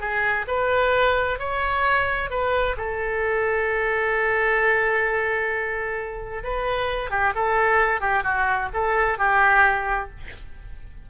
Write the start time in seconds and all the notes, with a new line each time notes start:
0.00 G#4
0.47 B4
1.39 C#5
2.30 B4
2.77 A4
6.43 B4
7.10 G4
7.35 A4
8.01 G4
8.23 F#4
8.73 A4
9.18 G4